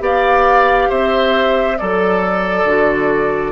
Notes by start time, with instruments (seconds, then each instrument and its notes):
0.00 bassoon B3, clarinet G4, oboe D5, flute F5
0.89 bassoon C4, oboe C5, flute E5
1.78 bassoon F#3, oboe A4, clarinet A4, flute D5
2.65 bassoon D3, clarinet F#4